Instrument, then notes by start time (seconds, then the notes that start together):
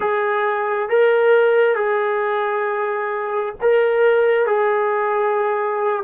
trombone
0.00 G#4
0.89 A#4
1.75 G#4
3.61 A#4
4.46 G#4